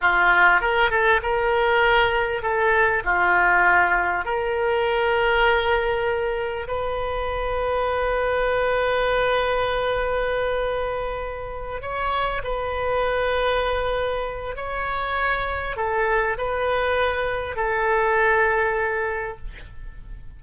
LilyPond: \new Staff \with { instrumentName = "oboe" } { \time 4/4 \tempo 4 = 99 f'4 ais'8 a'8 ais'2 | a'4 f'2 ais'4~ | ais'2. b'4~ | b'1~ |
b'2.~ b'8 cis''8~ | cis''8 b'2.~ b'8 | cis''2 a'4 b'4~ | b'4 a'2. | }